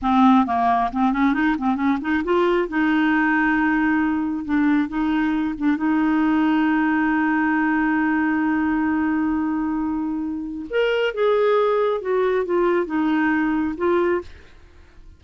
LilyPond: \new Staff \with { instrumentName = "clarinet" } { \time 4/4 \tempo 4 = 135 c'4 ais4 c'8 cis'8 dis'8 c'8 | cis'8 dis'8 f'4 dis'2~ | dis'2 d'4 dis'4~ | dis'8 d'8 dis'2.~ |
dis'1~ | dis'1 | ais'4 gis'2 fis'4 | f'4 dis'2 f'4 | }